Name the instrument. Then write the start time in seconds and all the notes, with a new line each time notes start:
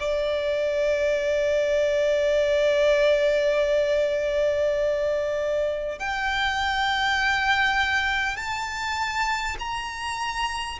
violin
0.00 D5
5.99 G5
8.36 A5
9.59 A#5